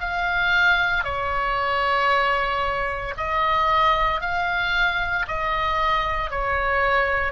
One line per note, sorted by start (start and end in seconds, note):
0.00 1.04 F5
1.04 3.15 C#5
3.18 4.21 D#5
4.21 5.26 F5
5.28 6.31 D#5
6.31 7.33 C#5